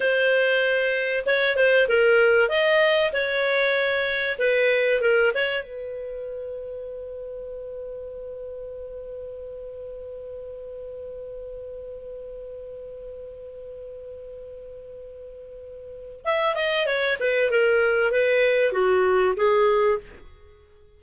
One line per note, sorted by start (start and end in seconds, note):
0.00 1.24 C5
1.26 1.56 C#5
1.56 1.87 C5
1.88 2.49 A#4
2.49 3.11 D#5
3.12 4.38 C#5
4.39 5.01 B4
5.01 5.32 A#4
5.34 5.63 C#5
5.63 16.24 B4
16.24 16.55 E5
16.55 16.86 D#5
16.86 17.17 C#5
17.20 17.50 B4
17.50 18.11 A#4
18.11 18.72 B4
18.72 19.34 F#4
19.36 19.99 G#4